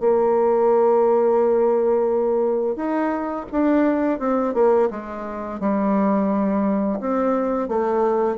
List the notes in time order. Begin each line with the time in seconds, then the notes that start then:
0.00 A#3
2.76 D#4
3.51 D4
4.19 C4
4.54 A#3
4.90 G#3
5.60 G3
7.00 C4
7.69 A3